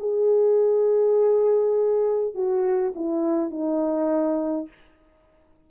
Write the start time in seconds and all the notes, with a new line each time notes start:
0.00 G#4
2.35 F#4
2.96 E4
3.51 D#4